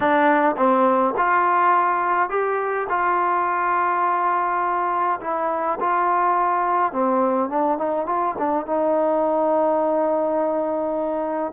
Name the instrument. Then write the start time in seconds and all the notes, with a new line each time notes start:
trombone
0.00 D4
0.56 C4
1.17 F4
2.29 G4
2.89 F4
5.21 E4
5.80 F4
6.92 C4
7.49 D4
7.78 D#4
8.06 F4
8.38 D4
8.66 D#4